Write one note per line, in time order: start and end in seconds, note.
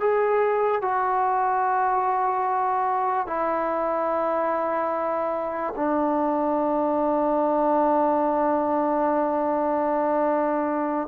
0.00 0.81 G#4
0.81 3.27 F#4
3.27 5.73 E4
5.76 11.08 D4